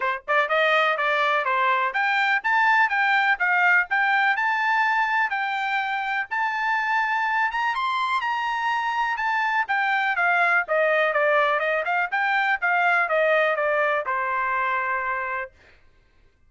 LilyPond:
\new Staff \with { instrumentName = "trumpet" } { \time 4/4 \tempo 4 = 124 c''8 d''8 dis''4 d''4 c''4 | g''4 a''4 g''4 f''4 | g''4 a''2 g''4~ | g''4 a''2~ a''8 ais''8 |
c'''4 ais''2 a''4 | g''4 f''4 dis''4 d''4 | dis''8 f''8 g''4 f''4 dis''4 | d''4 c''2. | }